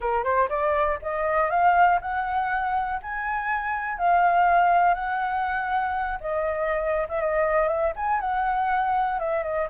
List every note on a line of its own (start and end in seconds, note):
0.00 0.23 A#4
0.23 0.48 C5
0.49 0.98 D5
1.02 1.50 D#5
1.50 1.99 F5
2.01 3.00 F#5
3.02 3.98 G#5
3.98 4.94 F5
4.94 6.18 F#5
6.20 7.07 D#5
7.09 7.20 E5
7.20 7.68 D#5
7.68 7.92 E5
7.96 8.20 G#5
8.20 9.19 F#5
9.19 9.43 E5
9.43 9.68 D#5